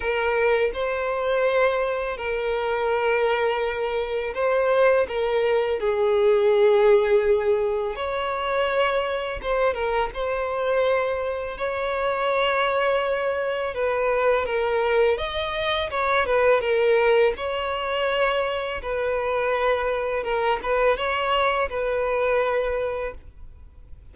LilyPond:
\new Staff \with { instrumentName = "violin" } { \time 4/4 \tempo 4 = 83 ais'4 c''2 ais'4~ | ais'2 c''4 ais'4 | gis'2. cis''4~ | cis''4 c''8 ais'8 c''2 |
cis''2. b'4 | ais'4 dis''4 cis''8 b'8 ais'4 | cis''2 b'2 | ais'8 b'8 cis''4 b'2 | }